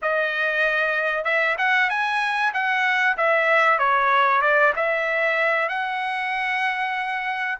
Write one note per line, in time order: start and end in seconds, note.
0.01 1.24 D#5
1.24 1.56 E5
1.58 1.89 F#5
1.89 2.52 G#5
2.53 3.16 F#5
3.17 3.79 E5
3.79 4.41 C#5
4.41 4.73 D5
4.76 5.68 E5
5.68 7.58 F#5